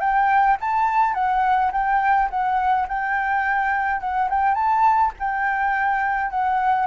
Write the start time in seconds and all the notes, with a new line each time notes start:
0.00 G5
0.61 A5
1.14 F#5
1.72 G5
2.30 F#5
2.88 G5
4.00 F#5
4.30 G5
4.54 A5
5.19 G5
6.30 F#5